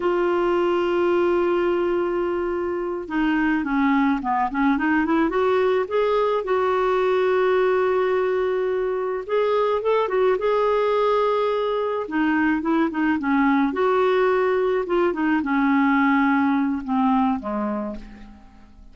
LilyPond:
\new Staff \with { instrumentName = "clarinet" } { \time 4/4 \tempo 4 = 107 f'1~ | f'4. dis'4 cis'4 b8 | cis'8 dis'8 e'8 fis'4 gis'4 fis'8~ | fis'1~ |
fis'8 gis'4 a'8 fis'8 gis'4.~ | gis'4. dis'4 e'8 dis'8 cis'8~ | cis'8 fis'2 f'8 dis'8 cis'8~ | cis'2 c'4 gis4 | }